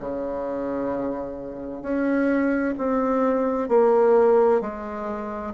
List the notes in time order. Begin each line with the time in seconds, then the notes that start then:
0.00 C#3
1.83 C#4
2.78 C4
3.69 A#3
4.61 G#3